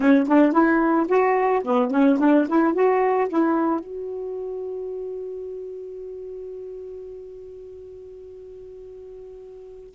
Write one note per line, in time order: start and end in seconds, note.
0.00 0.26 C#4
0.28 0.52 D4
0.52 1.06 E4
1.08 1.62 F#4
1.64 1.90 B3
1.90 2.18 C#4
2.19 2.46 D4
2.48 2.73 E4
2.73 3.28 F#4
3.29 3.80 E4
3.80 9.93 F#4